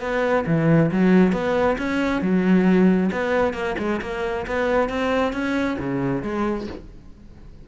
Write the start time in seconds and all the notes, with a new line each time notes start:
0.00 B3
0.46 E3
0.92 F#3
1.32 B3
1.78 C#4
2.21 F#3
3.12 B3
3.53 A#3
3.78 G#3
4.01 A#3
4.46 B3
4.89 C4
5.33 C#4
5.79 C#3
6.22 G#3